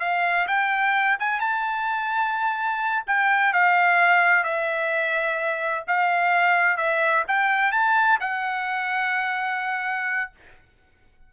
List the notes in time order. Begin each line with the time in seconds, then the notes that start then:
0.00 F5
0.47 G5
1.19 G#5
1.40 A5
3.07 G5
3.53 F5
4.44 E5
5.87 F5
6.77 E5
7.28 G5
7.72 A5
8.20 F#5